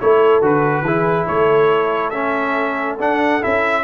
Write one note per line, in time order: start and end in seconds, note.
0.00 0.42 A3
0.00 0.43 E4
0.00 0.84 A4
0.00 0.43 C#5
0.42 0.83 D3
0.42 0.85 F#4
0.42 1.27 B4
0.83 1.25 E3
0.83 2.13 E4
0.83 1.26 G#4
1.26 3.00 A3
1.26 3.83 A4
1.26 2.11 C#5
2.11 2.99 C#4
2.11 2.96 E5
3.00 3.42 D4
3.00 3.43 D4
3.00 3.44 F#5
3.42 3.84 C#4
3.42 3.84 E4
3.42 3.84 E5